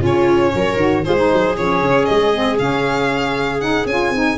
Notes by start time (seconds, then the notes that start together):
0.00 C#3 C#4 F4 C#5
0.55 F#3 A#4
0.76 D#3 F#4
1.04 G#3 F4 G#4 C5
1.16 D#4
1.32 F#3
1.57 F3 C#4 C#5
1.82 C#3
2.06 G#3 D#5
2.34 C4
2.59 C#3 C#4 F5
3.60 D#4 F#5
3.86 C#4 F4 G#5
4.10 C4 D#4